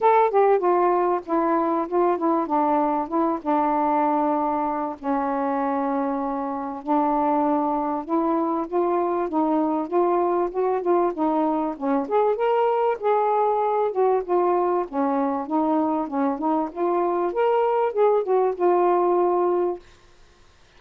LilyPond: \new Staff \with { instrumentName = "saxophone" } { \time 4/4 \tempo 4 = 97 a'8 g'8 f'4 e'4 f'8 e'8 | d'4 e'8 d'2~ d'8 | cis'2. d'4~ | d'4 e'4 f'4 dis'4 |
f'4 fis'8 f'8 dis'4 cis'8 gis'8 | ais'4 gis'4. fis'8 f'4 | cis'4 dis'4 cis'8 dis'8 f'4 | ais'4 gis'8 fis'8 f'2 | }